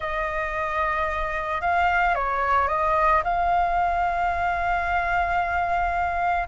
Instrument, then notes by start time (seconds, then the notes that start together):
flute
0.00 D#5
1.61 F5
2.14 C#5
2.68 D#5
3.23 F5